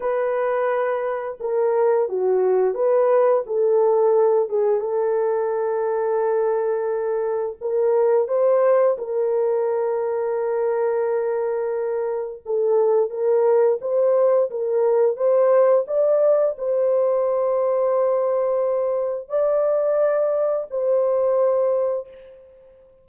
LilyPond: \new Staff \with { instrumentName = "horn" } { \time 4/4 \tempo 4 = 87 b'2 ais'4 fis'4 | b'4 a'4. gis'8 a'4~ | a'2. ais'4 | c''4 ais'2.~ |
ais'2 a'4 ais'4 | c''4 ais'4 c''4 d''4 | c''1 | d''2 c''2 | }